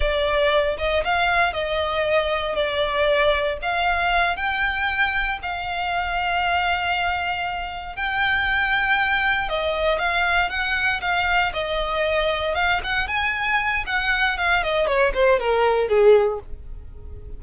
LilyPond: \new Staff \with { instrumentName = "violin" } { \time 4/4 \tempo 4 = 117 d''4. dis''8 f''4 dis''4~ | dis''4 d''2 f''4~ | f''8 g''2 f''4.~ | f''2.~ f''8 g''8~ |
g''2~ g''8 dis''4 f''8~ | f''8 fis''4 f''4 dis''4.~ | dis''8 f''8 fis''8 gis''4. fis''4 | f''8 dis''8 cis''8 c''8 ais'4 gis'4 | }